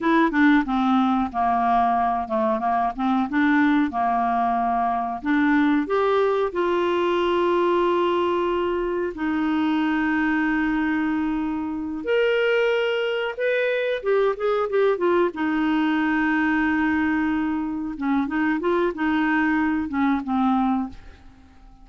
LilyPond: \new Staff \with { instrumentName = "clarinet" } { \time 4/4 \tempo 4 = 92 e'8 d'8 c'4 ais4. a8 | ais8 c'8 d'4 ais2 | d'4 g'4 f'2~ | f'2 dis'2~ |
dis'2~ dis'8 ais'4.~ | ais'8 b'4 g'8 gis'8 g'8 f'8 dis'8~ | dis'2.~ dis'8 cis'8 | dis'8 f'8 dis'4. cis'8 c'4 | }